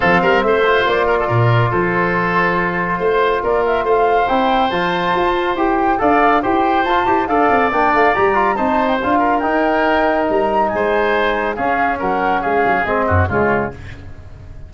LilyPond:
<<
  \new Staff \with { instrumentName = "flute" } { \time 4/4 \tempo 4 = 140 f''4 e''4 d''2 | c''1 | d''8 e''8 f''4 g''4 a''4~ | a''4 g''4 f''4 g''4 |
a''4 f''4 g''8 f''8 ais''4 | a''8. g''16 f''4 g''2 | ais''4 gis''2 f''4 | fis''4 f''4 dis''4 cis''4 | }
  \new Staff \with { instrumentName = "oboe" } { \time 4/4 a'8 ais'8 c''4. ais'16 a'16 ais'4 | a'2. c''4 | ais'4 c''2.~ | c''2 d''4 c''4~ |
c''4 d''2. | c''4. ais'2~ ais'8~ | ais'4 c''2 gis'4 | ais'4 gis'4. fis'8 f'4 | }
  \new Staff \with { instrumentName = "trombone" } { \time 4/4 c'4. f'2~ f'8~ | f'1~ | f'2 e'4 f'4~ | f'4 g'4 a'4 g'4 |
f'8 g'8 a'4 d'4 g'8 f'8 | dis'4 f'4 dis'2~ | dis'2. cis'4~ | cis'2 c'4 gis4 | }
  \new Staff \with { instrumentName = "tuba" } { \time 4/4 f8 g8 a4 ais4 ais,4 | f2. a4 | ais4 a4 c'4 f4 | f'4 e'4 d'4 e'4 |
f'8 e'8 d'8 c'8 ais8 a8 g4 | c'4 d'4 dis'2 | g4 gis2 cis'4 | fis4 gis8 fis8 gis8 fis,8 cis4 | }
>>